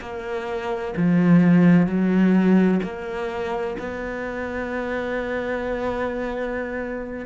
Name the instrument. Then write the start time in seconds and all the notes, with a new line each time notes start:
cello
0.00 A#3
0.96 F3
1.87 F#3
2.83 A#3
3.78 B3